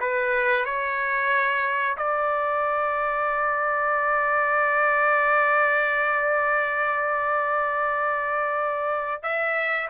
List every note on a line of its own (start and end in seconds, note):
0.00 0.65 B4
0.65 1.97 C#5
1.97 9.22 D5
9.22 9.88 E5